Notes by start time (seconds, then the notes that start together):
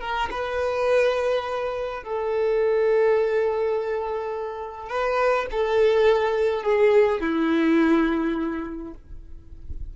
0.00 A#4
0.30 B4
2.03 A4
4.89 B4
5.51 A4
6.62 G#4
7.20 E4